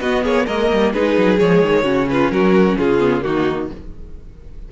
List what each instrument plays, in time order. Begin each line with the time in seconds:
0.00 cello B3, viola B3, violin F#4 D#5
0.22 cello A#3, violin G#4 C#5
0.46 cello G#3, viola A#3, violin A#4 D#5
0.71 cello G3
0.93 cello G#3, viola D#4, violin G#4 B4
1.17 cello F#3
1.39 cello F3, viola G#3, violin C#5
1.62 cello D#3
1.83 cello C#3, viola C#4, violin F#4
2.09 violin F4 B4
2.30 cello F#3, violin F#4 A#4
2.78 cello C#3, violin F4 G#4
2.99 viola B3
3.21 cello D#3, viola A#3, violin D#4 F#4